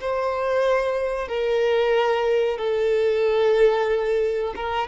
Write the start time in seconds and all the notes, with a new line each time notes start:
0.00 C5
1.28 A#4
2.58 A4
4.55 A#4